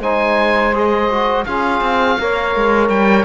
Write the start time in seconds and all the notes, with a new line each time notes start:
0.00 G#3 D#4 C5 G#5
0.74 G#4 D#5
1.11 F#4
1.45 C#4 F4 G#4 F5
1.81 C4
2.19 A#3 A#4 C#5
2.56 G#3
2.89 G3 G5